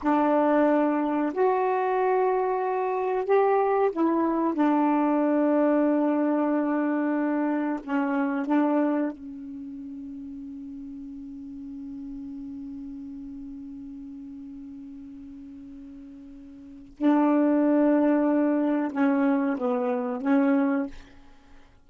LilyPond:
\new Staff \with { instrumentName = "saxophone" } { \time 4/4 \tempo 4 = 92 d'2 fis'2~ | fis'4 g'4 e'4 d'4~ | d'1 | cis'4 d'4 cis'2~ |
cis'1~ | cis'1~ | cis'2 d'2~ | d'4 cis'4 b4 cis'4 | }